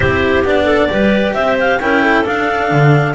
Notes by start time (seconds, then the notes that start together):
0.00 C4 E4 G4 C5
0.43 B3 D4 D5
0.64 A4
0.89 G3 G4 B4
1.34 C4 C5 E5
1.59 F5
1.79 C#4 E4 A#4 G5
2.01 A4
2.24 D4 F5
2.71 D3